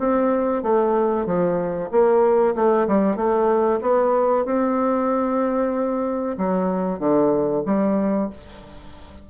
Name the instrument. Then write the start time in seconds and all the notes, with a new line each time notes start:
bassoon
0.00 C4
0.63 A3
1.26 F3
1.91 A#3
2.56 A3
2.88 G3
3.17 A3
3.82 B3
4.45 C4
6.38 F#3
7.00 D3
7.66 G3